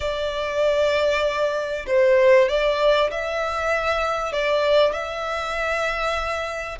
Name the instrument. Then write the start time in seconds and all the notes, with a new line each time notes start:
violin
0.00 D5
1.87 C5
2.48 D5
3.10 E5
4.32 D5
4.92 E5